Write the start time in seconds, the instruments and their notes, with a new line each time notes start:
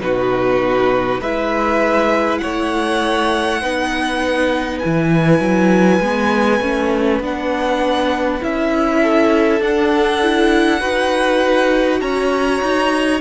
0.00 cello B2, viola D#4, violin F#4 B4
1.20 cello G#3, viola E4, violin B4 E5
2.38 violin C#5 F#5
2.44 cello A3
3.61 cello B3, viola D#4, violin B4
4.79 cello E3, viola E4, violin G#5
5.40 cello F#3
6.00 cello G#3, viola B3
6.60 cello A3, viola C#4
7.20 cello B3, viola D4, violin F#5
8.40 cello C#4, viola E4, violin E5
9.02 violin A4
9.60 cello D4, viola D4, violin F#5
10.22 viola E4
10.79 cello D#4, viola F#4, violin B4
12.01 cello C#4, violin C#5 A#5
12.62 cello D#4